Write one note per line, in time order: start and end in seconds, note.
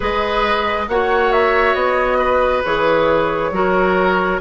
0.00 0.88 G#3
0.00 0.86 G#4
0.00 0.86 B4
0.00 0.88 D#5
0.88 1.74 A#3
0.88 2.64 F#4
0.88 2.18 C#5
0.88 1.31 F#5
1.31 1.74 E5
1.74 2.62 B3
1.74 2.62 D#5
2.18 3.51 B4
2.63 3.51 E3
2.63 3.53 G#4
2.63 4.40 C#5
3.51 4.39 F#3
3.51 4.40 F#4
3.51 4.40 A#4